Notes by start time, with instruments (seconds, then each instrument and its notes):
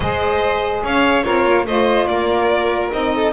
0.00 double bass G#3, saxophone G#4, violin C5 D#5
0.83 double bass C#4, violin C#5 F5
1.23 double bass C4, violin F4 C#5, saxophone A#4
1.45 double bass A#3
1.65 double bass A3, saxophone F4, violin C5 D#5
2.07 double bass A#3, violin A#4 D5
2.91 double bass C4, saxophone D#4, violin D#5
3.14 violin A4